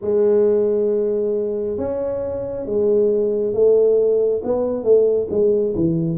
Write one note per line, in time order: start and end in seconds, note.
0.01 1.77 G#3
1.77 2.65 C#4
2.65 3.53 G#3
3.53 4.42 A3
4.44 4.83 B3
4.83 5.27 A3
5.30 5.74 G#3
5.75 6.18 E3